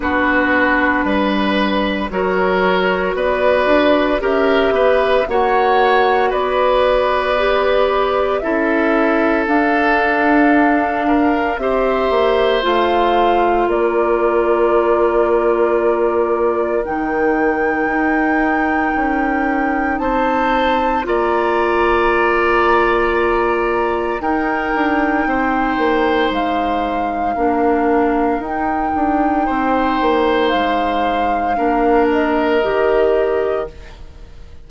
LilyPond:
<<
  \new Staff \with { instrumentName = "flute" } { \time 4/4 \tempo 4 = 57 b'2 cis''4 d''4 | e''4 fis''4 d''2 | e''4 f''2 e''4 | f''4 d''2. |
g''2. a''4 | ais''2. g''4~ | g''4 f''2 g''4~ | g''4 f''4. dis''4. | }
  \new Staff \with { instrumentName = "oboe" } { \time 4/4 fis'4 b'4 ais'4 b'4 | ais'8 b'8 cis''4 b'2 | a'2~ a'8 ais'8 c''4~ | c''4 ais'2.~ |
ais'2. c''4 | d''2. ais'4 | c''2 ais'2 | c''2 ais'2 | }
  \new Staff \with { instrumentName = "clarinet" } { \time 4/4 d'2 fis'2 | g'4 fis'2 g'4 | e'4 d'2 g'4 | f'1 |
dis'1 | f'2. dis'4~ | dis'2 d'4 dis'4~ | dis'2 d'4 g'4 | }
  \new Staff \with { instrumentName = "bassoon" } { \time 4/4 b4 g4 fis4 b8 d'8 | cis'8 b8 ais4 b2 | cis'4 d'2 c'8 ais8 | a4 ais2. |
dis4 dis'4 cis'4 c'4 | ais2. dis'8 d'8 | c'8 ais8 gis4 ais4 dis'8 d'8 | c'8 ais8 gis4 ais4 dis4 | }
>>